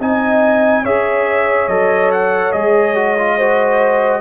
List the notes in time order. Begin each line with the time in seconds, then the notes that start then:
0.00 C4 D#4 D#5 G#5
0.83 C#4 G#4 C#5 E5
1.68 F#3 A4 D#5
2.12 F#5
2.52 G#3 G#4 D#5
2.96 F#4
3.18 F4
3.37 F#4 C5